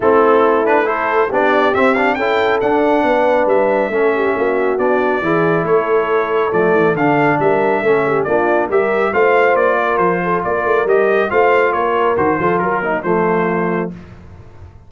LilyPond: <<
  \new Staff \with { instrumentName = "trumpet" } { \time 4/4 \tempo 4 = 138 a'4. b'8 c''4 d''4 | e''8 f''8 g''4 fis''2 | e''2. d''4~ | d''4 cis''2 d''4 |
f''4 e''2 d''4 | e''4 f''4 d''4 c''4 | d''4 dis''4 f''4 cis''4 | c''4 ais'4 c''2 | }
  \new Staff \with { instrumentName = "horn" } { \time 4/4 e'2 a'4 g'4~ | g'4 a'2 b'4~ | b'4 a'8 g'8 fis'2 | gis'4 a'2.~ |
a'4 ais'4 a'8 g'8 f'4 | ais'4 c''4. ais'4 a'8 | ais'2 c''4 ais'4~ | ais'8 a'8 ais'8 ais8 f'2 | }
  \new Staff \with { instrumentName = "trombone" } { \time 4/4 c'4. d'8 e'4 d'4 | c'8 d'8 e'4 d'2~ | d'4 cis'2 d'4 | e'2. a4 |
d'2 cis'4 d'4 | g'4 f'2.~ | f'4 g'4 f'2 | fis'8 f'4 dis'8 a2 | }
  \new Staff \with { instrumentName = "tuba" } { \time 4/4 a2. b4 | c'4 cis'4 d'4 b4 | g4 a4 ais4 b4 | e4 a2 f8 e8 |
d4 g4 a4 ais4 | g4 a4 ais4 f4 | ais8 a8 g4 a4 ais4 | dis8 f8 fis4 f2 | }
>>